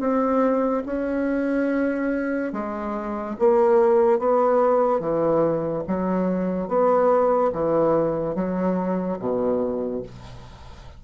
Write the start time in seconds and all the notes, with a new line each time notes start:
0.00 C4
0.86 C#4
2.53 G#3
3.39 A#3
4.19 B3
5.00 E3
5.87 F#3
6.68 B3
7.53 E3
8.35 F#3
9.19 B2